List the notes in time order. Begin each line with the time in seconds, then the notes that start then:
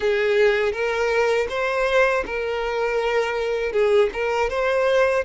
0.00 G#4
0.72 A#4
1.49 C5
2.26 A#4
3.72 G#4
4.13 A#4
4.49 C5